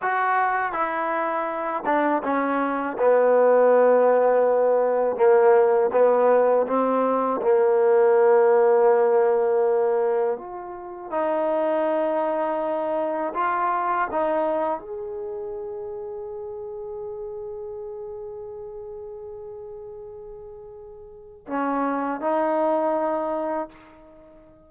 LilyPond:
\new Staff \with { instrumentName = "trombone" } { \time 4/4 \tempo 4 = 81 fis'4 e'4. d'8 cis'4 | b2. ais4 | b4 c'4 ais2~ | ais2 f'4 dis'4~ |
dis'2 f'4 dis'4 | gis'1~ | gis'1~ | gis'4 cis'4 dis'2 | }